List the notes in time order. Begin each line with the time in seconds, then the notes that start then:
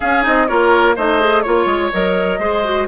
0.00 C#4 G#4 F5
0.22 C4 D#4 D#5
0.47 A#3 F4 A#4 C#5
0.95 A3 D#4 C5 D#5
1.20 G#4
1.42 A#3 F4 C#5
1.65 G#3
1.92 F#3 A#4 D#5
2.38 G#3 G#4 C5
2.64 F#4